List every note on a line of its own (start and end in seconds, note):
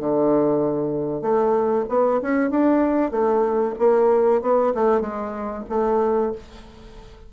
0.00 1.22 D3
1.22 1.85 A3
1.89 2.21 B3
2.22 2.51 C#4
2.51 3.11 D4
3.11 3.75 A3
3.79 4.42 A#3
4.42 4.74 B3
4.75 5.01 A3
5.01 5.64 G#3
5.70 6.33 A3